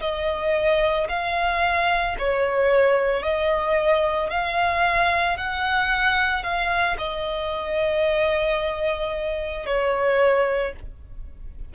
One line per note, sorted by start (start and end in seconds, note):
0.00 1.07 D#5
1.09 2.16 F5
2.19 3.23 C#5
3.23 4.30 D#5
4.30 5.37 F5
5.37 6.43 F#5
6.43 6.97 F5
6.98 9.66 D#5
9.66 10.73 C#5